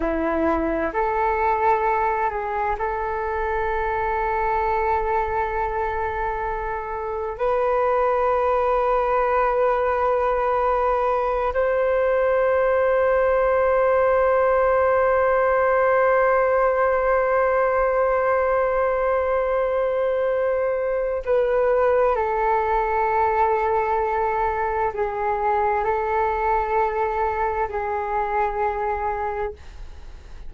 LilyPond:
\new Staff \with { instrumentName = "flute" } { \time 4/4 \tempo 4 = 65 e'4 a'4. gis'8 a'4~ | a'1 | b'1~ | b'8 c''2.~ c''8~ |
c''1~ | c''2. b'4 | a'2. gis'4 | a'2 gis'2 | }